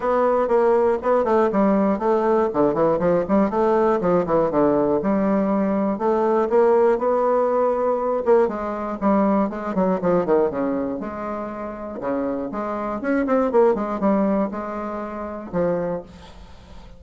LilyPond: \new Staff \with { instrumentName = "bassoon" } { \time 4/4 \tempo 4 = 120 b4 ais4 b8 a8 g4 | a4 d8 e8 f8 g8 a4 | f8 e8 d4 g2 | a4 ais4 b2~ |
b8 ais8 gis4 g4 gis8 fis8 | f8 dis8 cis4 gis2 | cis4 gis4 cis'8 c'8 ais8 gis8 | g4 gis2 f4 | }